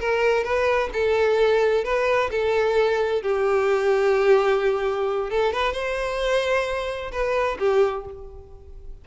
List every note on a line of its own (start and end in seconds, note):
0.00 0.44 A#4
0.44 0.90 B4
0.93 1.84 A4
1.84 2.30 B4
2.31 3.22 A4
3.22 5.30 G4
5.30 5.53 A4
5.53 5.73 B4
5.73 7.11 C5
7.12 7.58 B4
7.59 8.05 G4